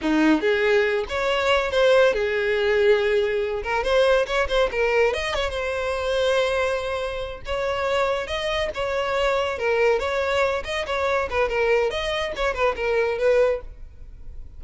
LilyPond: \new Staff \with { instrumentName = "violin" } { \time 4/4 \tempo 4 = 141 dis'4 gis'4. cis''4. | c''4 gis'2.~ | gis'8 ais'8 c''4 cis''8 c''8 ais'4 | dis''8 cis''8 c''2.~ |
c''4. cis''2 dis''8~ | dis''8 cis''2 ais'4 cis''8~ | cis''4 dis''8 cis''4 b'8 ais'4 | dis''4 cis''8 b'8 ais'4 b'4 | }